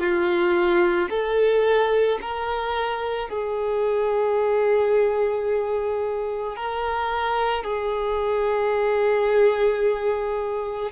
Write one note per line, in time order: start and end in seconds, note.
0.00 1.09 F4
1.10 2.19 A4
2.22 3.29 A#4
3.29 6.57 G#4
6.57 7.64 A#4
7.64 10.91 G#4